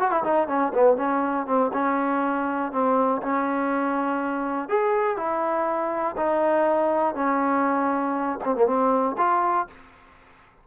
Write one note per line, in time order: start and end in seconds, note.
0.00 0.11 F#4
0.11 0.23 E4
0.24 0.48 D#4
0.48 0.73 C#4
0.74 0.97 B3
0.97 1.47 C#4
1.47 1.72 C4
1.73 2.72 C#4
2.72 3.22 C4
3.23 4.69 C#4
4.69 5.17 G#4
5.17 6.16 E4
6.17 7.15 D#4
7.15 8.39 C#4
8.45 8.56 C4
8.56 8.66 A#3
8.66 9.16 C4
9.18 9.67 F4